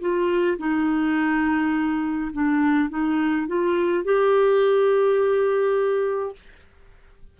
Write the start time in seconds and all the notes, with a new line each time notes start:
0.00 F4
0.58 D#4
2.32 D4
2.90 D#4
3.47 F4
4.04 G4